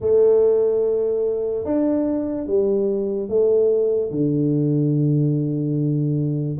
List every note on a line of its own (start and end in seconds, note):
0.00 1.64 A3
1.64 2.47 D4
2.47 3.29 G3
3.29 4.11 A3
4.11 6.57 D3